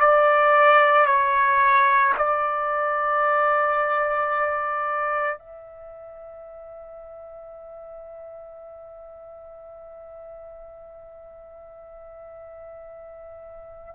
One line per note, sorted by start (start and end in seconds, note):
0.00 1.06 D5
1.06 2.13 C#5
2.17 5.38 D5
5.38 13.95 E5